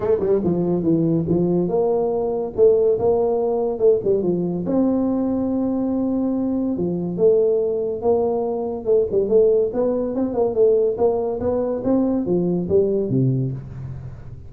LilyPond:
\new Staff \with { instrumentName = "tuba" } { \time 4/4 \tempo 4 = 142 a8 g8 f4 e4 f4 | ais2 a4 ais4~ | ais4 a8 g8 f4 c'4~ | c'1 |
f4 a2 ais4~ | ais4 a8 g8 a4 b4 | c'8 ais8 a4 ais4 b4 | c'4 f4 g4 c4 | }